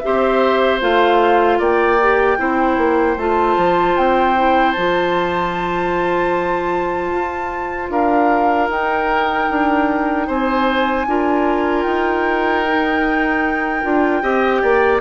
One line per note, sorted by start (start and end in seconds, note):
0.00 0.82 C4
0.00 0.80 G4
0.00 1.59 C5
0.00 0.79 E5
0.80 1.59 A3
0.80 1.99 F4
0.80 1.61 F5
1.59 2.38 A#3
1.59 2.38 D5
1.59 3.18 G5
2.01 2.38 G4
2.38 2.77 C4
2.38 3.17 E4
2.38 7.91 C5
2.77 3.17 A#3
3.17 3.56 A3
3.17 4.36 F4
3.17 3.97 A5
3.57 3.97 F3
3.97 4.76 C4
3.97 4.72 G5
4.36 4.75 E4
4.72 7.11 F3
4.72 8.72 F4
4.72 7.88 A5
7.11 7.90 F4
7.90 8.69 D4
7.90 10.27 A#4
7.90 8.69 F5
8.69 9.48 D#4
8.69 11.08 D#4
8.69 10.29 G5
9.50 10.28 D4
10.27 11.07 C4
10.27 11.06 C5
10.27 11.83 G#5
11.07 11.85 D4
11.07 12.66 F4
11.07 14.23 A#4
11.83 13.83 D#4
11.83 14.98 G5
12.67 13.83 D#4
13.83 14.22 D4
13.83 14.22 F4
14.22 14.62 C4
14.22 15.01 G4
14.22 14.62 D#5
14.62 15.01 A#3
14.62 15.01 D5